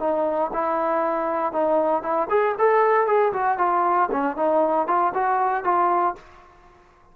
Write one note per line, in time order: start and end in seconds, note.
0.00 0.51 D#4
0.54 1.53 E4
1.53 2.03 D#4
2.03 2.28 E4
2.30 2.56 G#4
2.59 3.07 A4
3.07 3.33 G#4
3.33 3.59 F#4
3.59 4.10 F4
4.12 4.37 C#4
4.37 4.87 D#4
4.87 5.13 F4
5.14 5.64 F#4
5.64 6.16 F4